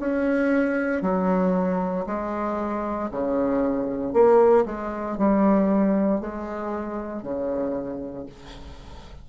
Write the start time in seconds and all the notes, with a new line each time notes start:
0.00 C#4
1.03 F#3
2.07 G#3
3.11 C#3
4.13 A#3
4.66 G#3
5.18 G3
6.21 G#3
7.23 C#3